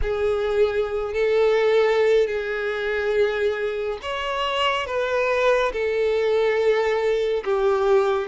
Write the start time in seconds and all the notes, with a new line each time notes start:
0.02 G#4
1.13 A4
2.27 G#4
4.02 C#5
4.86 B4
5.72 A4
7.44 G4